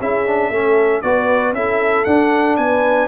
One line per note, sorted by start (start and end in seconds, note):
0.00 0.50 C#4
0.00 0.27 E4
0.00 0.52 G#4
0.00 1.02 E5
0.27 0.53 D4
0.50 1.02 A3
0.50 1.04 C#4
0.50 1.04 A4
1.02 1.53 B3
1.02 1.56 F#4
1.02 1.56 B4
1.02 1.54 D5
1.53 2.05 C#4
1.53 2.07 E4
1.53 2.59 A4
1.53 2.05 E5
2.05 2.58 D4
2.05 3.09 D4
2.05 2.56 F#5
2.57 3.09 B3
2.57 3.09 B4
2.57 3.09 G#5